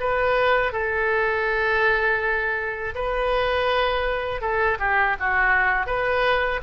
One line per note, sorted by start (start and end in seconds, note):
0.00 0.72 B4
0.72 2.95 A4
2.95 4.41 B4
4.41 4.78 A4
4.79 5.16 G4
5.20 5.87 F#4
5.87 6.61 B4